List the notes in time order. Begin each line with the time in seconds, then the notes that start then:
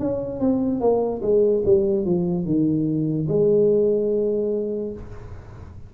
0.00 C#4
0.40 C4
0.81 A#3
1.23 G#3
1.66 G3
2.05 F3
2.45 D#3
3.28 G#3